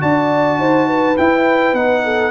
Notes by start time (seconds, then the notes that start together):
0.00 D4 F#4 D5 A5
0.59 D#4 C5
0.87 B4
1.17 E4 G5
1.73 B3 D#4 F#5
2.04 A4